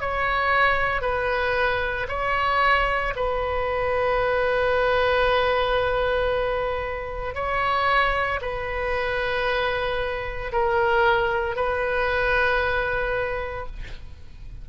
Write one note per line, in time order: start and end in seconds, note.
0.00 1.02 C#5
1.02 2.07 B4
2.09 3.14 C#5
3.16 7.35 B4
7.35 8.40 C#5
8.42 10.52 B4
10.52 11.56 A#4
11.56 13.67 B4